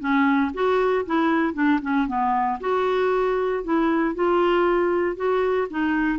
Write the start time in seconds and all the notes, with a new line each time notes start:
0.00 C#4
0.54 F#4
1.06 E4
1.54 D4
1.82 C#4
2.08 B3
2.61 F#4
3.64 E4
4.15 F4
5.17 F#4
5.71 D#4